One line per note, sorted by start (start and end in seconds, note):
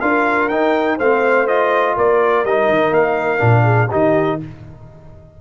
0.00 0.50 D4
0.00 0.50 F4
0.00 0.97 A#4
0.00 0.49 F5
0.49 0.99 D#4
0.49 0.97 G5
0.97 1.97 A3
0.97 1.47 C4
0.97 1.95 C5
0.97 1.47 F5
1.47 2.45 F4
1.47 1.96 D#5
1.96 2.44 A#3
1.96 3.63 A#4
1.96 2.45 D5
2.44 2.69 G3
2.44 3.38 D#4
2.44 2.93 D#5
2.69 2.90 D#3
2.90 3.39 A#3
2.90 3.91 F5
3.38 3.90 A#2
3.38 3.87 D4
3.63 3.88 G#4
3.90 4.41 D#3
3.90 4.40 D#4
3.90 4.39 G4
3.90 4.40 D#5